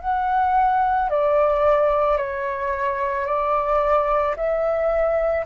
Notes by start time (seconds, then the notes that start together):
0.00 F#5
1.09 D5
2.17 C#5
3.26 D5
4.36 E5